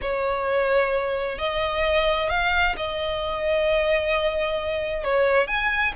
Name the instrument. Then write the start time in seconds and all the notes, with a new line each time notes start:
violin
0.01 C#5
1.38 D#5
2.29 F5
2.76 D#5
5.03 C#5
5.47 G#5